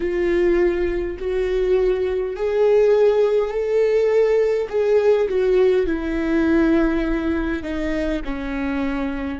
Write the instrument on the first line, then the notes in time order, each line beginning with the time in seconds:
viola
0.00 F4
1.18 F#4
2.35 G#4
3.50 A4
4.68 G#4
5.28 F#4
5.86 E4
7.63 D#4
8.25 C#4